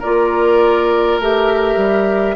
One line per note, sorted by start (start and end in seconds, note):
0.00 1.19 A#3
0.00 1.22 F4
0.00 2.35 A#4
0.00 1.20 D5
1.19 1.76 A3
1.19 2.36 G4
1.19 2.36 E5
1.76 2.35 G3